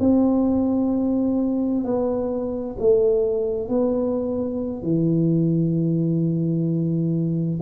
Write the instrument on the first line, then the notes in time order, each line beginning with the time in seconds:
tuba
0.00 C4
1.84 B3
2.79 A3
3.69 B3
4.83 E3